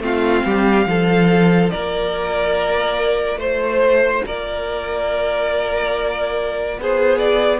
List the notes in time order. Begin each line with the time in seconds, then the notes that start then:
0.00 A3 C4 F4 F5
0.46 G3 G4
0.86 F3 F4 A4
1.71 A#3 A#4 D5
3.36 A3 C5
4.26 A#3 A#4 D5
6.79 B3 G#4 C5
7.19 D5